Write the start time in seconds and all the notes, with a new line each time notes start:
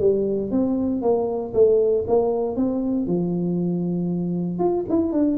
0.00 G3
0.51 C4
1.02 A#3
1.54 A3
2.07 A#3
2.56 C4
3.07 F3
4.59 F4
4.90 E4
5.12 D4